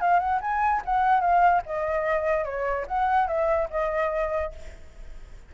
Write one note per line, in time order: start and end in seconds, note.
0.00 0.19 F5
0.19 0.40 F#5
0.40 0.81 G#5
0.85 1.20 F#5
1.20 1.61 F5
1.66 2.44 D#5
2.44 2.85 C#5
2.87 3.27 F#5
3.27 3.68 E5
3.70 4.52 D#5